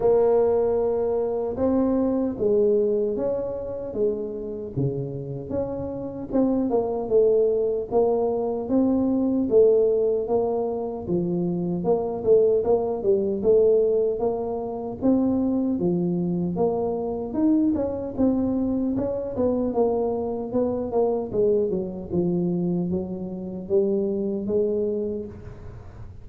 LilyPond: \new Staff \with { instrumentName = "tuba" } { \time 4/4 \tempo 4 = 76 ais2 c'4 gis4 | cis'4 gis4 cis4 cis'4 | c'8 ais8 a4 ais4 c'4 | a4 ais4 f4 ais8 a8 |
ais8 g8 a4 ais4 c'4 | f4 ais4 dis'8 cis'8 c'4 | cis'8 b8 ais4 b8 ais8 gis8 fis8 | f4 fis4 g4 gis4 | }